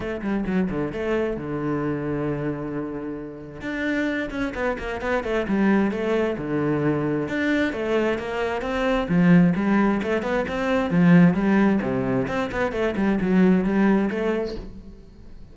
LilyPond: \new Staff \with { instrumentName = "cello" } { \time 4/4 \tempo 4 = 132 a8 g8 fis8 d8 a4 d4~ | d1 | d'4. cis'8 b8 ais8 b8 a8 | g4 a4 d2 |
d'4 a4 ais4 c'4 | f4 g4 a8 b8 c'4 | f4 g4 c4 c'8 b8 | a8 g8 fis4 g4 a4 | }